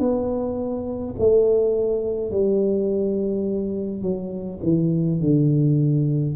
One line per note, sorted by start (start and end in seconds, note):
0.00 1.15 B3
1.19 2.31 A3
2.31 4.02 G3
4.02 4.60 F#3
4.63 5.20 E3
5.20 6.36 D3